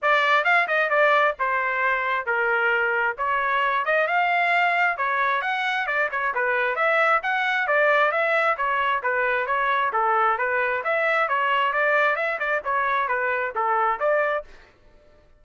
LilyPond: \new Staff \with { instrumentName = "trumpet" } { \time 4/4 \tempo 4 = 133 d''4 f''8 dis''8 d''4 c''4~ | c''4 ais'2 cis''4~ | cis''8 dis''8 f''2 cis''4 | fis''4 d''8 cis''8 b'4 e''4 |
fis''4 d''4 e''4 cis''4 | b'4 cis''4 a'4 b'4 | e''4 cis''4 d''4 e''8 d''8 | cis''4 b'4 a'4 d''4 | }